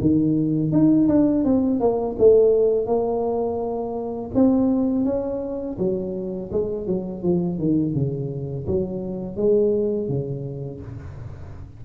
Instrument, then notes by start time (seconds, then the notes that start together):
tuba
0.00 D#3
0.72 D#4
1.08 D4
1.44 C4
1.80 A#3
2.18 A3
2.86 A#3
4.34 C4
5.05 C#4
5.78 F#3
6.52 G#3
6.86 F#3
7.22 F3
7.58 D#3
7.94 C#3
8.66 F#3
9.36 G#3
10.08 C#3